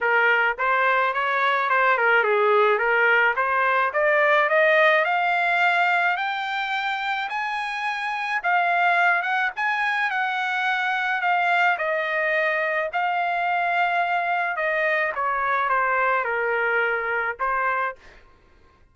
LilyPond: \new Staff \with { instrumentName = "trumpet" } { \time 4/4 \tempo 4 = 107 ais'4 c''4 cis''4 c''8 ais'8 | gis'4 ais'4 c''4 d''4 | dis''4 f''2 g''4~ | g''4 gis''2 f''4~ |
f''8 fis''8 gis''4 fis''2 | f''4 dis''2 f''4~ | f''2 dis''4 cis''4 | c''4 ais'2 c''4 | }